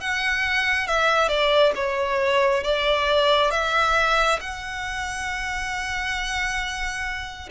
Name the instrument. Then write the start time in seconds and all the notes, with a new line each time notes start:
violin
0.00 F#5
0.87 E5
1.28 D5
1.75 C#5
2.63 D5
3.51 E5
4.40 F#5